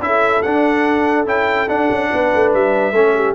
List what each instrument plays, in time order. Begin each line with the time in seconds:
0.00 tuba C#4, trombone E4, trumpet E5
0.06 horn A4
0.43 tuba D4, trombone D4, trumpet F#5
1.26 tuba C#4, trombone E4, trumpet G5
1.69 trombone D4, tuba D4, trumpet F#5
1.91 tuba C#4
2.12 tuba B3, horn B4
2.35 tuba A3
2.54 tuba G3, trumpet E5
2.93 tuba A3, trombone C#4, horn A4
3.15 horn G4